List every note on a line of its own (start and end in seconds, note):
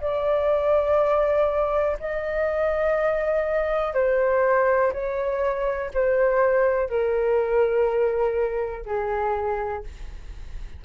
0.00 1.97 D5
1.99 3.93 D#5
3.93 4.92 C5
4.92 5.91 C#5
5.94 6.89 C5
6.89 8.85 A#4
8.85 9.83 G#4